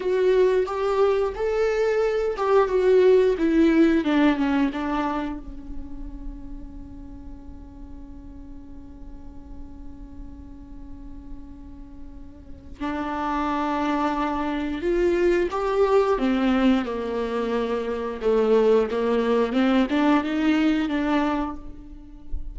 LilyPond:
\new Staff \with { instrumentName = "viola" } { \time 4/4 \tempo 4 = 89 fis'4 g'4 a'4. g'8 | fis'4 e'4 d'8 cis'8 d'4 | cis'1~ | cis'1~ |
cis'2. d'4~ | d'2 f'4 g'4 | c'4 ais2 a4 | ais4 c'8 d'8 dis'4 d'4 | }